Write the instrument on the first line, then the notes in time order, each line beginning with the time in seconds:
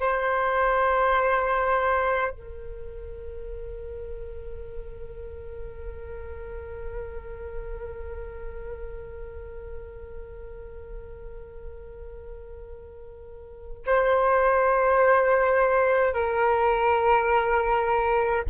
flute
0.00 C5
2.31 A#4
13.86 C5
16.14 A#4